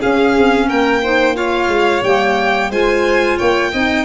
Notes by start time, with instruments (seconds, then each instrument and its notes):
0.00 clarinet C#4, tuba C#4, violin G#4 F5
0.38 tuba C4
0.68 tuba A#3, violin A#4 G5
1.03 clarinet D#4, violin C5
1.35 clarinet F4, violin C#5 F5
1.68 tuba G#3
2.03 tuba G3, clarinet A#3, violin G5
2.70 tuba G#3, clarinet F4, violin C5 G#5
3.37 tuba A#3, violin C#5 G5
3.73 tuba C4, clarinet D#4, violin D#5